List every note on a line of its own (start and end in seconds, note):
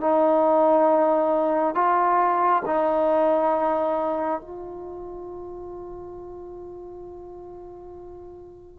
0.00 1.74 D#4
1.74 2.62 F4
2.65 4.40 D#4
4.40 8.79 F4